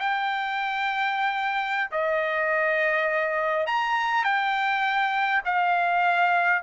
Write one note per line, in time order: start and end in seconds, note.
0.00 1.91 G5
1.92 3.67 D#5
3.67 4.25 A#5
4.25 5.43 G5
5.46 6.63 F5